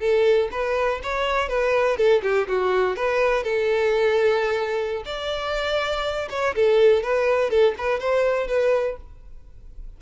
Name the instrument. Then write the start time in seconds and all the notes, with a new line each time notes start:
violin
0.00 A4
0.52 B4
1.03 C#5
1.49 B4
1.97 A4
2.23 G4
2.48 F#4
2.96 B4
3.44 A4
5.06 D5
6.30 C#5
6.55 A4
7.03 B4
7.50 A4
7.78 B4
8.00 C5
8.47 B4